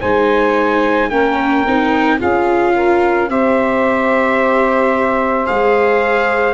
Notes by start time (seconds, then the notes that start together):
0.00 G#3 D#4 C5 G#5
1.09 A#3 C#4 A#4 G5
1.65 C4 D#4
2.17 C#4 F4 G#4 F5
2.75 A#4
3.28 C4 G4 C5 E5
5.45 G#3 G#4 F5